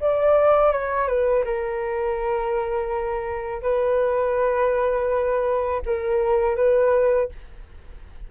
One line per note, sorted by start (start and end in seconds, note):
0.00 0.72 D5
0.72 1.07 C#5
1.07 1.44 B4
1.44 3.62 A#4
3.62 5.82 B4
5.85 6.56 A#4
6.56 7.29 B4